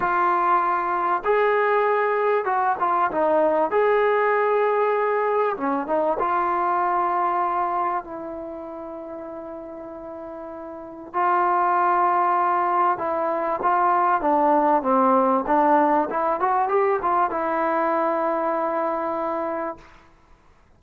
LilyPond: \new Staff \with { instrumentName = "trombone" } { \time 4/4 \tempo 4 = 97 f'2 gis'2 | fis'8 f'8 dis'4 gis'2~ | gis'4 cis'8 dis'8 f'2~ | f'4 e'2.~ |
e'2 f'2~ | f'4 e'4 f'4 d'4 | c'4 d'4 e'8 fis'8 g'8 f'8 | e'1 | }